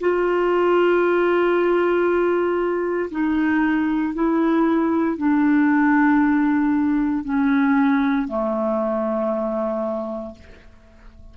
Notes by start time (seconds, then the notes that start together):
0.00 F4
3.11 D#4
4.14 E4
5.18 D4
7.25 C#4
8.28 A3